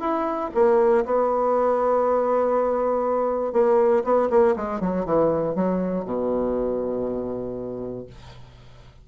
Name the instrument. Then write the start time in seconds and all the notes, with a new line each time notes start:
bassoon
0.00 E4
0.55 A#3
1.05 B3
3.53 A#3
4.04 B3
4.30 A#3
4.56 G#3
4.81 F#3
5.05 E3
5.55 F#3
6.05 B2